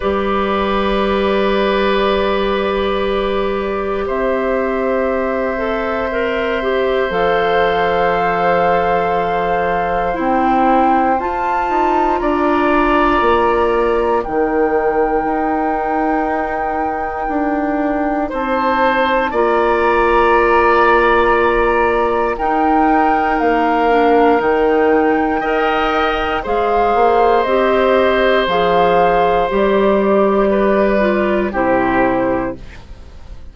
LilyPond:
<<
  \new Staff \with { instrumentName = "flute" } { \time 4/4 \tempo 4 = 59 d''1 | e''2. f''4~ | f''2 g''4 a''4 | ais''2 g''2~ |
g''2 a''4 ais''4~ | ais''2 g''4 f''4 | g''2 f''4 dis''4 | f''4 d''2 c''4 | }
  \new Staff \with { instrumentName = "oboe" } { \time 4/4 b'1 | c''1~ | c''1 | d''2 ais'2~ |
ais'2 c''4 d''4~ | d''2 ais'2~ | ais'4 dis''4 c''2~ | c''2 b'4 g'4 | }
  \new Staff \with { instrumentName = "clarinet" } { \time 4/4 g'1~ | g'4. a'8 ais'8 g'8 a'4~ | a'2 e'4 f'4~ | f'2 dis'2~ |
dis'2. f'4~ | f'2 dis'4. d'8 | dis'4 ais'4 gis'4 g'4 | gis'4 g'4. f'8 e'4 | }
  \new Staff \with { instrumentName = "bassoon" } { \time 4/4 g1 | c'2. f4~ | f2 c'4 f'8 dis'8 | d'4 ais4 dis4 dis'4~ |
dis'4 d'4 c'4 ais4~ | ais2 dis'4 ais4 | dis4 dis'4 gis8 ais8 c'4 | f4 g2 c4 | }
>>